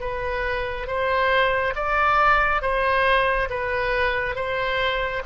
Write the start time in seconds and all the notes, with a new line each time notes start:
0.00 B4
0.87 C5
1.75 D5
2.61 C5
3.49 B4
4.35 C5